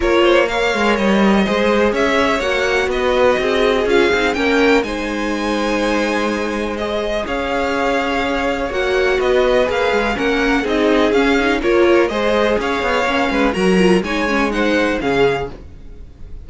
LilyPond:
<<
  \new Staff \with { instrumentName = "violin" } { \time 4/4 \tempo 4 = 124 cis''4 f''4 dis''2 | e''4 fis''4 dis''2 | f''4 g''4 gis''2~ | gis''2 dis''4 f''4~ |
f''2 fis''4 dis''4 | f''4 fis''4 dis''4 f''4 | cis''4 dis''4 f''2 | ais''4 gis''4 fis''4 f''4 | }
  \new Staff \with { instrumentName = "violin" } { \time 4/4 ais'8 c''8 cis''2 c''4 | cis''2 b'4 gis'4~ | gis'4 ais'4 c''2~ | c''2. cis''4~ |
cis''2. b'4~ | b'4 ais'4 gis'2 | ais'4 c''4 cis''4. b'8 | ais'4 cis''4 c''4 gis'4 | }
  \new Staff \with { instrumentName = "viola" } { \time 4/4 f'4 ais'2 gis'4~ | gis'4 fis'2. | f'8 dis'8 cis'4 dis'2~ | dis'2 gis'2~ |
gis'2 fis'2 | gis'4 cis'4 dis'4 cis'8 dis'8 | f'4 gis'2 cis'4 | fis'8 f'8 dis'8 cis'8 dis'4 cis'4 | }
  \new Staff \with { instrumentName = "cello" } { \time 4/4 ais4. gis8 g4 gis4 | cis'4 ais4 b4 c'4 | cis'8 c'8 ais4 gis2~ | gis2. cis'4~ |
cis'2 ais4 b4 | ais8 gis8 ais4 c'4 cis'4 | ais4 gis4 cis'8 b8 ais8 gis8 | fis4 gis2 cis4 | }
>>